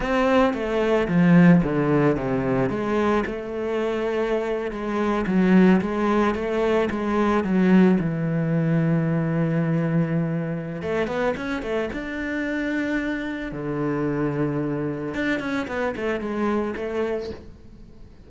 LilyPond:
\new Staff \with { instrumentName = "cello" } { \time 4/4 \tempo 4 = 111 c'4 a4 f4 d4 | c4 gis4 a2~ | a8. gis4 fis4 gis4 a16~ | a8. gis4 fis4 e4~ e16~ |
e1 | a8 b8 cis'8 a8 d'2~ | d'4 d2. | d'8 cis'8 b8 a8 gis4 a4 | }